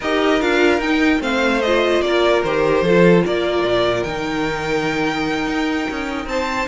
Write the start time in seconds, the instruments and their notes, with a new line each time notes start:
0.00 cello D#4, viola G4, violin A#4 D#5
0.41 cello D4, viola F4, violin F5
0.78 cello D#4, viola D#4, violin G5
1.19 cello A3, viola C4, violin C5 F5
1.61 viola F4, violin D#5
2.01 cello A#3, violin A#4 D5
2.44 cello D#3, viola G4, violin C5
2.82 cello F3, viola F4, violin A4
3.25 cello A#3, violin A#4 D5
3.63 cello A#2
4.03 cello D#3, viola D#4, violin G5
5.47 cello D#4
5.90 cello C#4
6.26 cello C4, violin C5 A5